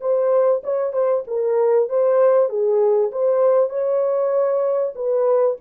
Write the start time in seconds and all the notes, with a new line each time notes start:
0.00 C5
0.63 C#5
0.93 C5
1.27 A#4
1.89 C5
2.49 G#4
3.11 C5
3.69 C#5
4.95 B4